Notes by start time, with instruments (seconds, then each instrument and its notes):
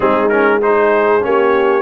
0.00 tuba G#3, trombone C4, horn D#4, trumpet G#4
0.28 trombone C#4, trumpet A#4
0.61 trombone D#4, horn G#4, trumpet C5
1.21 tuba A#3, trombone C#4, horn G4, trumpet C#5